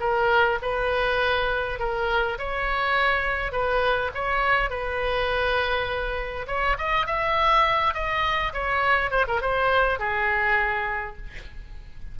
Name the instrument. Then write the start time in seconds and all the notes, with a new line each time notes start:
oboe
0.00 A#4
0.62 B4
1.79 A#4
2.39 C#5
3.52 B4
4.15 C#5
4.70 B4
6.48 C#5
6.78 D#5
7.07 E5
7.94 D#5
8.53 C#5
9.11 C5
9.28 A#4
9.41 C5
9.99 G#4